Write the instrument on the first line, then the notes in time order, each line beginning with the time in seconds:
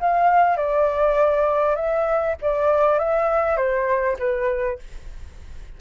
flute
0.00 F5
0.57 D5
1.76 E5
2.42 D5
2.99 E5
3.57 C5
4.19 B4